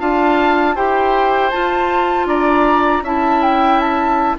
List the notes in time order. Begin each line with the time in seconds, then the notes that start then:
0.00 D4 F4 F5 A5
0.75 E4 G4 C5 G5
1.51 F4 A5
2.26 D4 D5 A#5
3.02 C#4 E4 E5 A5
3.42 G5
3.80 A5